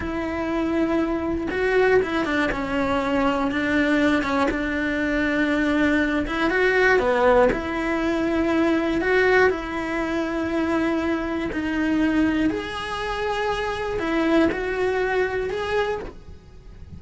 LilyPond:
\new Staff \with { instrumentName = "cello" } { \time 4/4 \tempo 4 = 120 e'2. fis'4 | e'8 d'8 cis'2 d'4~ | d'8 cis'8 d'2.~ | d'8 e'8 fis'4 b4 e'4~ |
e'2 fis'4 e'4~ | e'2. dis'4~ | dis'4 gis'2. | e'4 fis'2 gis'4 | }